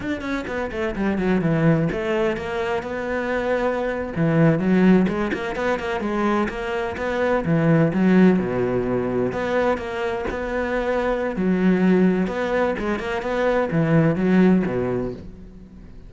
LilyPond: \new Staff \with { instrumentName = "cello" } { \time 4/4 \tempo 4 = 127 d'8 cis'8 b8 a8 g8 fis8 e4 | a4 ais4 b2~ | b8. e4 fis4 gis8 ais8 b16~ | b16 ais8 gis4 ais4 b4 e16~ |
e8. fis4 b,2 b16~ | b8. ais4 b2~ b16 | fis2 b4 gis8 ais8 | b4 e4 fis4 b,4 | }